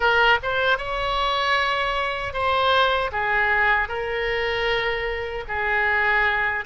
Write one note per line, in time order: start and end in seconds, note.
0.00 0.38 A#4
0.42 0.78 C5
0.78 2.33 C#5
2.33 3.11 C5
3.12 3.88 G#4
3.88 5.44 A#4
5.48 6.64 G#4